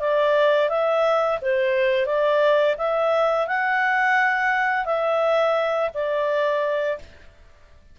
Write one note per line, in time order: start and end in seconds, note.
0.00 0.69 D5
0.69 1.39 E5
1.42 2.06 C5
2.06 2.76 D5
2.78 3.48 E5
3.48 4.86 F#5
4.86 5.90 E5
5.94 6.99 D5